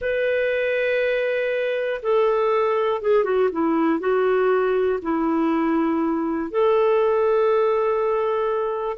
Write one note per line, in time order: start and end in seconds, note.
0.01 2.01 B4
2.02 3.01 A4
3.01 3.24 G#4
3.24 3.49 F#4
3.51 3.99 E4
3.99 4.99 F#4
5.01 6.50 E4
6.50 8.97 A4